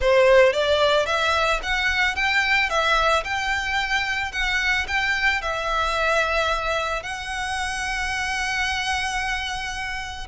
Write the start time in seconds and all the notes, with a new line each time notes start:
0.00 C5
0.52 D5
1.06 E5
1.62 F#5
2.15 G5
2.69 E5
3.24 G5
4.32 F#5
4.87 G5
5.41 E5
7.02 F#5